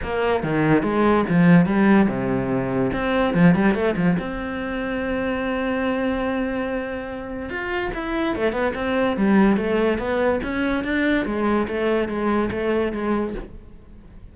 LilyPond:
\new Staff \with { instrumentName = "cello" } { \time 4/4 \tempo 4 = 144 ais4 dis4 gis4 f4 | g4 c2 c'4 | f8 g8 a8 f8 c'2~ | c'1~ |
c'2 f'4 e'4 | a8 b8 c'4 g4 a4 | b4 cis'4 d'4 gis4 | a4 gis4 a4 gis4 | }